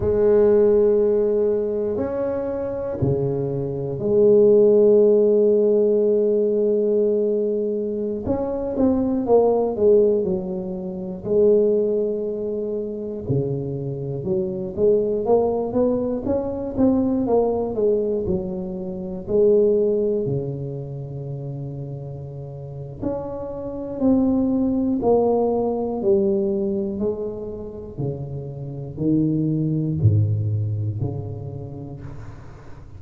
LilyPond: \new Staff \with { instrumentName = "tuba" } { \time 4/4 \tempo 4 = 60 gis2 cis'4 cis4 | gis1~ | gis16 cis'8 c'8 ais8 gis8 fis4 gis8.~ | gis4~ gis16 cis4 fis8 gis8 ais8 b16~ |
b16 cis'8 c'8 ais8 gis8 fis4 gis8.~ | gis16 cis2~ cis8. cis'4 | c'4 ais4 g4 gis4 | cis4 dis4 gis,4 cis4 | }